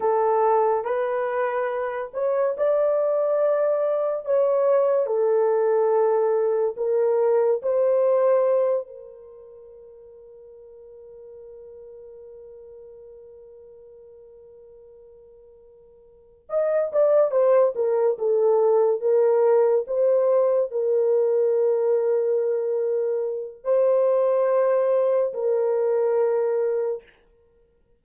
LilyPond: \new Staff \with { instrumentName = "horn" } { \time 4/4 \tempo 4 = 71 a'4 b'4. cis''8 d''4~ | d''4 cis''4 a'2 | ais'4 c''4. ais'4.~ | ais'1~ |
ais'2.~ ais'8 dis''8 | d''8 c''8 ais'8 a'4 ais'4 c''8~ | c''8 ais'2.~ ais'8 | c''2 ais'2 | }